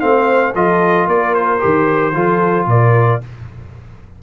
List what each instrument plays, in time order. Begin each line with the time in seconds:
0.00 tuba A3, trombone C4, horn C5, trumpet F5
0.54 tuba F3, trombone F4, horn A4, trumpet D#5
1.07 tuba A#3, horn A#4, trumpet D5
1.34 trumpet C5
1.59 tuba D#3, trombone G4
2.14 tuba F3, trombone F4, horn A4
2.66 tuba A#2, horn A#4, trumpet D5